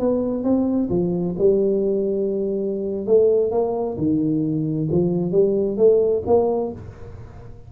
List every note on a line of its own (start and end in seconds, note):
0.00 0.44 B3
0.44 0.89 C4
0.90 1.35 F3
1.39 3.07 G3
3.07 3.52 A3
3.52 3.97 A#3
3.98 4.89 D#3
4.92 5.32 F3
5.32 5.77 G3
5.78 6.23 A3
6.27 6.72 A#3